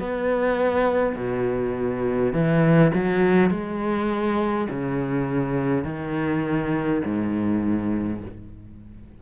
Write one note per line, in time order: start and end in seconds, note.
0.00 1.17 B3
1.17 2.34 B2
2.34 2.93 E3
2.95 3.50 F#3
3.50 4.68 G#3
4.70 5.84 C#3
5.84 7.02 D#3
7.05 8.22 G#2